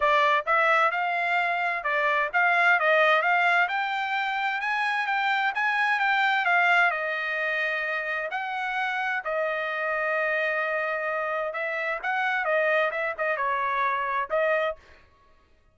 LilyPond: \new Staff \with { instrumentName = "trumpet" } { \time 4/4 \tempo 4 = 130 d''4 e''4 f''2 | d''4 f''4 dis''4 f''4 | g''2 gis''4 g''4 | gis''4 g''4 f''4 dis''4~ |
dis''2 fis''2 | dis''1~ | dis''4 e''4 fis''4 dis''4 | e''8 dis''8 cis''2 dis''4 | }